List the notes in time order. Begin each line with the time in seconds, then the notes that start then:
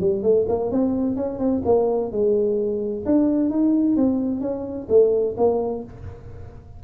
0.00 G3
0.23 A3
0.49 A#3
0.71 C4
1.16 C#4
1.39 C4
1.66 A#3
2.12 G#3
3.06 D4
3.50 D#4
3.97 C4
4.41 C#4
4.89 A3
5.37 A#3